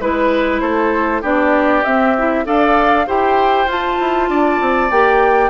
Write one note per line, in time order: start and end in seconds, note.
0.00 0.61 G#3
0.00 1.22 E4
0.00 0.60 B4
0.00 0.61 B4
0.60 1.22 A3
0.60 1.21 A4
0.60 1.21 C5
1.21 1.84 B3
1.21 1.83 D4
1.21 2.43 G4
1.21 1.83 D5
1.83 2.16 C4
1.83 2.46 C4
1.83 2.45 E5
2.17 2.44 E4
2.44 3.07 D4
2.44 3.05 A4
2.44 3.07 D5
2.44 3.08 F5
3.07 3.66 E4
3.07 3.67 G4
3.07 4.29 C5
3.07 3.69 G5
3.66 3.97 F4
3.66 4.89 F4
3.66 4.91 A5
4.00 4.29 E4
4.29 4.59 D4
4.29 5.50 D5
4.60 4.90 C4
4.90 5.50 A#3
4.90 5.50 G4
4.90 5.50 G5